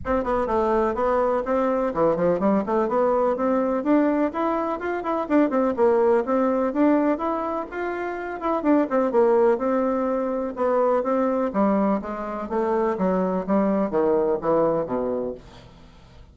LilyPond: \new Staff \with { instrumentName = "bassoon" } { \time 4/4 \tempo 4 = 125 c'8 b8 a4 b4 c'4 | e8 f8 g8 a8 b4 c'4 | d'4 e'4 f'8 e'8 d'8 c'8 | ais4 c'4 d'4 e'4 |
f'4. e'8 d'8 c'8 ais4 | c'2 b4 c'4 | g4 gis4 a4 fis4 | g4 dis4 e4 b,4 | }